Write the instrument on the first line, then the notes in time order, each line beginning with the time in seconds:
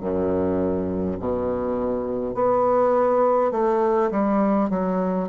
bassoon
0.00 F#2
1.19 B2
2.35 B3
3.51 A3
4.11 G3
4.70 F#3